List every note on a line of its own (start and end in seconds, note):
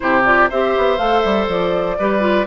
0.00 0.50 C3
0.00 0.22 E4
0.00 0.49 G4
0.00 0.23 C5
0.24 0.49 F4
0.24 0.49 D5
0.49 0.76 C4
0.49 0.98 G4
0.49 1.97 C5
0.49 0.98 E5
0.76 0.98 B3
0.98 1.23 A3
0.98 1.96 A4
0.98 1.20 F5
1.20 1.47 G3
1.20 1.45 E5
1.47 1.96 F3
1.47 2.46 D5
1.99 2.46 G3
1.99 2.20 G4
1.99 2.46 B4
2.20 2.44 F4